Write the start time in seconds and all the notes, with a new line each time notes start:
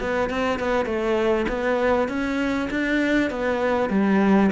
0.00 B3
0.29 C4
0.59 B3
0.85 A3
1.48 B3
2.08 C#4
2.70 D4
3.31 B3
3.90 G3